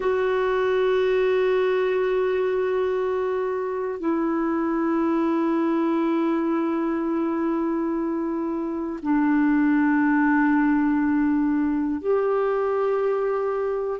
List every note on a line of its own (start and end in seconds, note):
0.00 4.00 F#4
4.00 9.00 E4
9.02 12.00 D4
12.00 14.00 G4